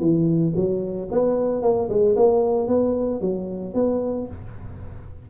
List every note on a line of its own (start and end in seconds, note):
0.00 0.53 E3
0.56 1.09 F#3
1.11 1.62 B3
1.62 1.88 A#3
1.89 2.16 G#3
2.16 2.67 A#3
2.67 3.21 B3
3.21 3.74 F#3
3.74 4.27 B3